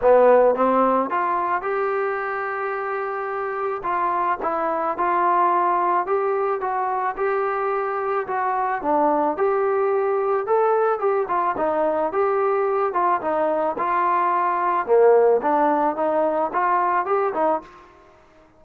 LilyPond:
\new Staff \with { instrumentName = "trombone" } { \time 4/4 \tempo 4 = 109 b4 c'4 f'4 g'4~ | g'2. f'4 | e'4 f'2 g'4 | fis'4 g'2 fis'4 |
d'4 g'2 a'4 | g'8 f'8 dis'4 g'4. f'8 | dis'4 f'2 ais4 | d'4 dis'4 f'4 g'8 dis'8 | }